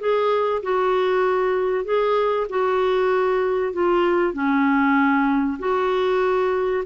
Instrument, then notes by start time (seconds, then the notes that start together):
clarinet
0.00 G#4
0.63 F#4
1.85 G#4
2.50 F#4
3.73 F4
4.34 C#4
5.59 F#4